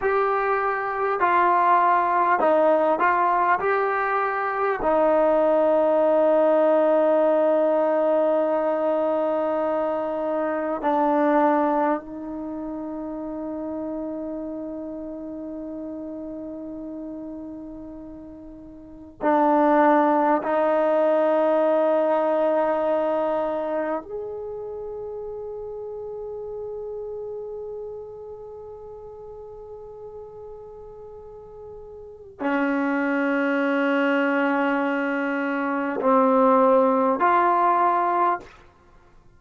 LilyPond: \new Staff \with { instrumentName = "trombone" } { \time 4/4 \tempo 4 = 50 g'4 f'4 dis'8 f'8 g'4 | dis'1~ | dis'4 d'4 dis'2~ | dis'1 |
d'4 dis'2. | gis'1~ | gis'2. cis'4~ | cis'2 c'4 f'4 | }